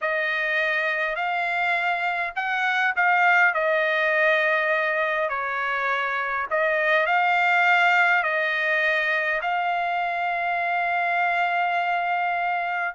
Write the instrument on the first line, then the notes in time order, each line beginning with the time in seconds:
trumpet
0.01 D#5
1.15 F5
2.35 F#5
2.96 F5
3.53 D#5
5.29 C#5
6.50 D#5
7.06 F5
8.23 D#5
9.41 F5